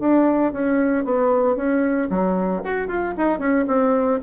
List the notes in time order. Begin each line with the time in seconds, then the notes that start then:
0.00 D4
0.52 C#4
1.04 B3
1.56 C#4
2.10 F#3
2.64 F#4
2.88 F4
3.17 D#4
3.39 C#4
3.67 C4